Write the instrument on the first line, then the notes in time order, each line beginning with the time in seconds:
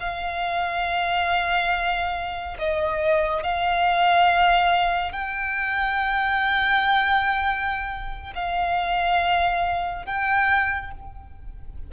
violin
0.00 F5
2.59 D#5
3.43 F5
5.12 G5
8.35 F5
10.06 G5